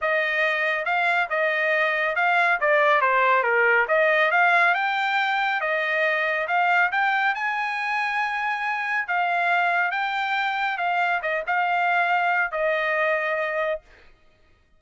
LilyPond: \new Staff \with { instrumentName = "trumpet" } { \time 4/4 \tempo 4 = 139 dis''2 f''4 dis''4~ | dis''4 f''4 d''4 c''4 | ais'4 dis''4 f''4 g''4~ | g''4 dis''2 f''4 |
g''4 gis''2.~ | gis''4 f''2 g''4~ | g''4 f''4 dis''8 f''4.~ | f''4 dis''2. | }